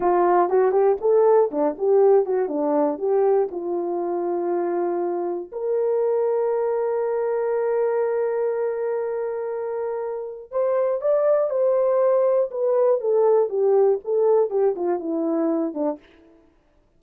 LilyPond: \new Staff \with { instrumentName = "horn" } { \time 4/4 \tempo 4 = 120 f'4 fis'8 g'8 a'4 d'8 g'8~ | g'8 fis'8 d'4 g'4 f'4~ | f'2. ais'4~ | ais'1~ |
ais'1~ | ais'4 c''4 d''4 c''4~ | c''4 b'4 a'4 g'4 | a'4 g'8 f'8 e'4. d'8 | }